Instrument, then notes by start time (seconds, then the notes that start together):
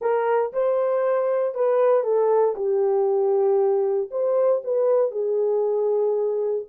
horn
0.01 A#4
0.52 C5
1.54 B4
2.03 A4
2.55 G4
4.10 C5
4.64 B4
5.11 G#4